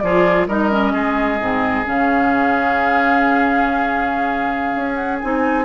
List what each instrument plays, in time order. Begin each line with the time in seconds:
0.00 bassoon F3, clarinet F4, oboe G#4, flute D5
0.48 bassoon G3, clarinet D#4, oboe A#4, flute D#5
0.71 clarinet C#4
0.93 bassoon G#3, oboe G#4
1.40 bassoon G#2, clarinet C4
1.85 bassoon C#3, clarinet C#4, flute F5
4.75 bassoon C#4
4.95 flute F#5
5.20 bassoon C4, clarinet D#4, flute G#5